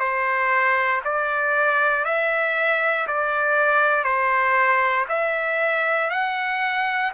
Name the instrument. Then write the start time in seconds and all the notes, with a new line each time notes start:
trumpet
0.00 C5
1.05 D5
2.05 E5
3.07 D5
4.04 C5
5.09 E5
6.11 F#5